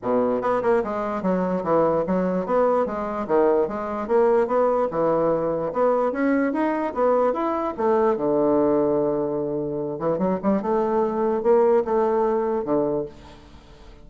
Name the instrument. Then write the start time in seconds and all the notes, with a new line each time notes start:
bassoon
0.02 B2
0.41 B3
0.62 A#3
0.84 G#3
1.22 F#3
1.63 E3
2.06 F#3
2.46 B3
2.86 G#3
3.27 D#3
3.68 G#3
4.07 A#3
4.47 B3
4.91 E3
5.72 B3
6.12 C#4
6.52 D#4
6.94 B3
7.33 E4
7.77 A3
8.16 D3
9.99 E3
10.18 F#3
10.42 G3
10.62 A3
11.42 A#3
11.85 A3
12.64 D3